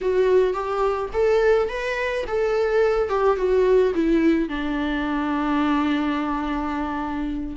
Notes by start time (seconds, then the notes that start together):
0.01 F#4
0.53 G4
1.13 A4
1.68 B4
2.27 A4
3.09 G4
3.36 F#4
3.94 E4
4.49 D4